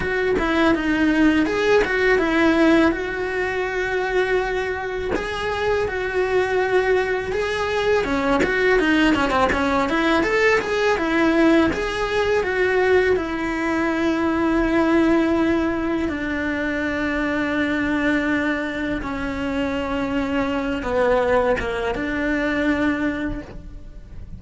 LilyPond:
\new Staff \with { instrumentName = "cello" } { \time 4/4 \tempo 4 = 82 fis'8 e'8 dis'4 gis'8 fis'8 e'4 | fis'2. gis'4 | fis'2 gis'4 cis'8 fis'8 | dis'8 cis'16 c'16 cis'8 e'8 a'8 gis'8 e'4 |
gis'4 fis'4 e'2~ | e'2 d'2~ | d'2 cis'2~ | cis'8 b4 ais8 d'2 | }